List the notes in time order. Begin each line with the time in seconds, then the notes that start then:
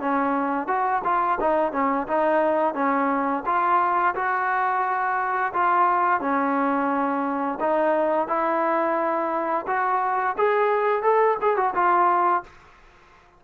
0.00 C#4
0.67 F#4
1.04 F4
1.40 D#4
1.72 C#4
2.07 D#4
2.74 C#4
3.45 F4
4.14 F#4
5.53 F4
6.20 C#4
7.60 D#4
8.28 E4
9.66 F#4
10.37 G#4
11.03 A4
11.41 G#4
11.56 F#4
11.74 F4